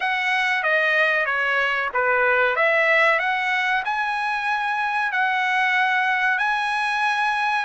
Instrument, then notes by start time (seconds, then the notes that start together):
trumpet
0.00 F#5
0.63 D#5
1.25 C#5
1.93 B4
2.56 E5
3.19 F#5
3.84 G#5
5.12 F#5
6.38 G#5